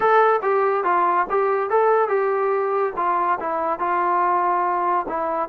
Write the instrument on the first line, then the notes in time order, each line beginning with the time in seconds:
trombone
0.00 A4
0.42 G4
0.84 F4
1.30 G4
1.70 A4
2.08 G4
2.96 F4
3.40 E4
3.79 F4
5.08 E4